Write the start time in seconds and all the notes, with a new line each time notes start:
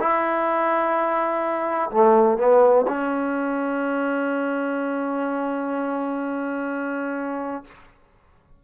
0.00 E4
1.90 A3
2.38 B3
2.87 C#4